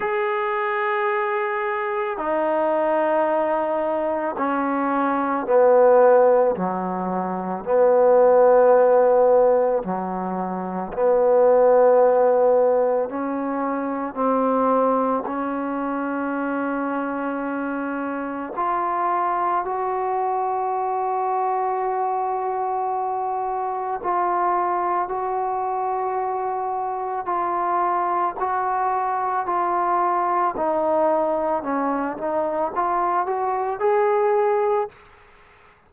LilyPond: \new Staff \with { instrumentName = "trombone" } { \time 4/4 \tempo 4 = 55 gis'2 dis'2 | cis'4 b4 fis4 b4~ | b4 fis4 b2 | cis'4 c'4 cis'2~ |
cis'4 f'4 fis'2~ | fis'2 f'4 fis'4~ | fis'4 f'4 fis'4 f'4 | dis'4 cis'8 dis'8 f'8 fis'8 gis'4 | }